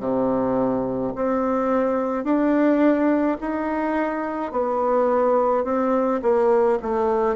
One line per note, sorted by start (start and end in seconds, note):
0.00 1.13 C3
1.15 2.24 C4
2.24 3.37 D4
3.41 4.51 D#4
4.51 5.64 B3
5.64 6.21 C4
6.22 6.79 A#3
6.82 7.35 A3